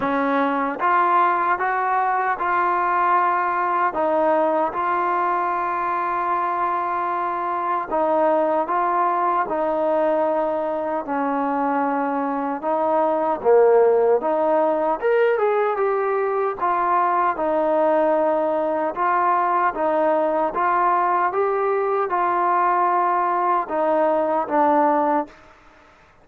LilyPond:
\new Staff \with { instrumentName = "trombone" } { \time 4/4 \tempo 4 = 76 cis'4 f'4 fis'4 f'4~ | f'4 dis'4 f'2~ | f'2 dis'4 f'4 | dis'2 cis'2 |
dis'4 ais4 dis'4 ais'8 gis'8 | g'4 f'4 dis'2 | f'4 dis'4 f'4 g'4 | f'2 dis'4 d'4 | }